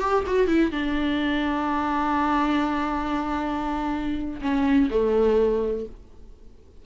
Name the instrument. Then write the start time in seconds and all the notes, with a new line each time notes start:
viola
0.00 G4
0.27 F#4
0.47 E4
0.71 D4
4.41 C#4
4.90 A3